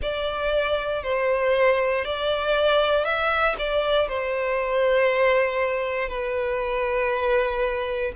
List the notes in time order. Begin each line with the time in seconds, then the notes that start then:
0.01 D5
1.03 C5
2.04 D5
3.04 E5
3.58 D5
4.08 C5
6.08 B4